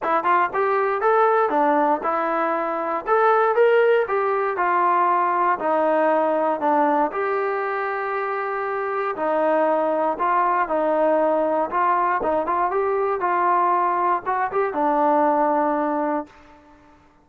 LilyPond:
\new Staff \with { instrumentName = "trombone" } { \time 4/4 \tempo 4 = 118 e'8 f'8 g'4 a'4 d'4 | e'2 a'4 ais'4 | g'4 f'2 dis'4~ | dis'4 d'4 g'2~ |
g'2 dis'2 | f'4 dis'2 f'4 | dis'8 f'8 g'4 f'2 | fis'8 g'8 d'2. | }